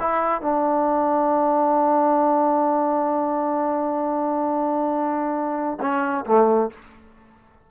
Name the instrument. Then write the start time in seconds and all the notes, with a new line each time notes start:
trombone
0.00 E4
0.42 D4
5.81 C#4
6.26 A3